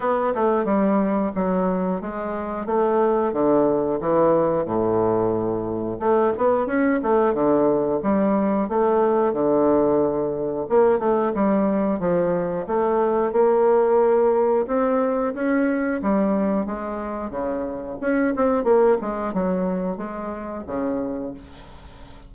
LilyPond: \new Staff \with { instrumentName = "bassoon" } { \time 4/4 \tempo 4 = 90 b8 a8 g4 fis4 gis4 | a4 d4 e4 a,4~ | a,4 a8 b8 cis'8 a8 d4 | g4 a4 d2 |
ais8 a8 g4 f4 a4 | ais2 c'4 cis'4 | g4 gis4 cis4 cis'8 c'8 | ais8 gis8 fis4 gis4 cis4 | }